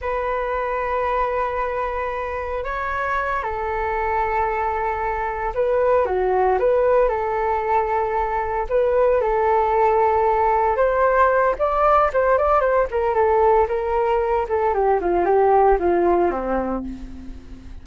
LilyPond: \new Staff \with { instrumentName = "flute" } { \time 4/4 \tempo 4 = 114 b'1~ | b'4 cis''4. a'4.~ | a'2~ a'8 b'4 fis'8~ | fis'8 b'4 a'2~ a'8~ |
a'8 b'4 a'2~ a'8~ | a'8 c''4. d''4 c''8 d''8 | c''8 ais'8 a'4 ais'4. a'8 | g'8 f'8 g'4 f'4 c'4 | }